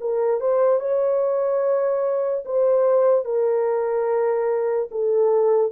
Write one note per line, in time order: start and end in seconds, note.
0.00 0.40 A#4
0.40 0.80 C5
0.80 2.44 C#5
2.45 3.25 C5
3.25 4.89 A#4
4.91 5.72 A4